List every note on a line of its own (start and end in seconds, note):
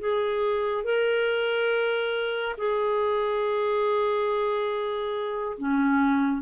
0.00 0.84 G#4
0.84 2.56 A#4
2.58 5.58 G#4
5.58 6.42 C#4